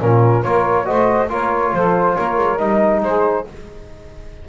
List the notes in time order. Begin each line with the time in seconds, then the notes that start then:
0.00 A#2 C#4 F4 A#4
0.43 A#3 F4 A#4 C#5
0.85 A3 F#4 C5 D#5
1.29 A#3 F4 A#4 C#5
1.73 F3 A4 C5
2.15 A#3 A#4 C#5
2.37 G#3
2.58 G3 D#4 D#5
3.02 G#3 G#4 C5